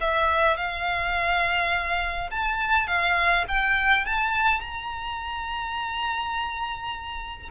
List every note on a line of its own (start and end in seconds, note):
0.00 0.56 E5
0.56 2.29 F5
2.31 2.87 A5
2.87 3.45 F5
3.48 4.05 G5
4.05 4.60 A5
4.60 7.49 A#5